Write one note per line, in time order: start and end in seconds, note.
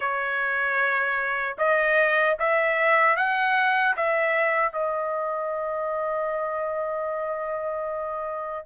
0.00 1.56 C#5
1.58 2.36 D#5
2.39 3.16 E5
3.16 3.95 F#5
3.96 4.72 E5
4.72 8.66 D#5